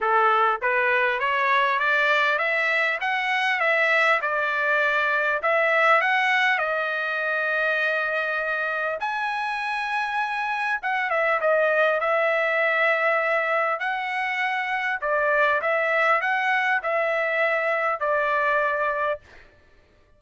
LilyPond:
\new Staff \with { instrumentName = "trumpet" } { \time 4/4 \tempo 4 = 100 a'4 b'4 cis''4 d''4 | e''4 fis''4 e''4 d''4~ | d''4 e''4 fis''4 dis''4~ | dis''2. gis''4~ |
gis''2 fis''8 e''8 dis''4 | e''2. fis''4~ | fis''4 d''4 e''4 fis''4 | e''2 d''2 | }